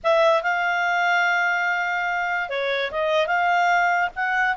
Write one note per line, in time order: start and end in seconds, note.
0.03 0.43 E5
0.43 2.49 F5
2.49 2.90 C#5
2.91 3.27 D#5
3.27 4.09 F5
4.15 4.56 F#5